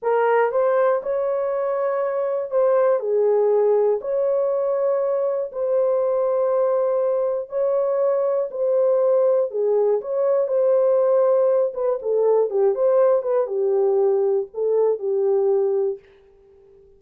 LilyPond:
\new Staff \with { instrumentName = "horn" } { \time 4/4 \tempo 4 = 120 ais'4 c''4 cis''2~ | cis''4 c''4 gis'2 | cis''2. c''4~ | c''2. cis''4~ |
cis''4 c''2 gis'4 | cis''4 c''2~ c''8 b'8 | a'4 g'8 c''4 b'8 g'4~ | g'4 a'4 g'2 | }